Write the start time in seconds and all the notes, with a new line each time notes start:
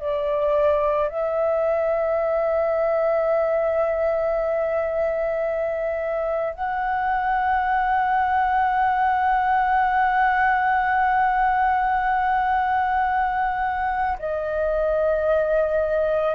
0.00 D5
1.09 E5
6.54 F#5
14.19 D#5